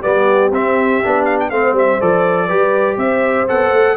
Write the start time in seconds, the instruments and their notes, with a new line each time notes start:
0.00 tuba G3, trombone B3, horn G4, trumpet D5
0.51 tuba C4, trombone C4, trumpet E5
1.03 tuba B3, trombone D4
1.25 trumpet F5
1.40 trumpet G5
1.50 tuba A3, trombone C4, horn C5, trumpet F5
1.73 tuba G3, trumpet E5
2.01 tuba F3, trombone A4, trumpet D5
2.47 tuba G3, trombone G4, horn B4
2.97 tuba C4, horn C5, trumpet E5
3.48 tuba B3, trombone A4, trumpet F#5
3.72 tuba A3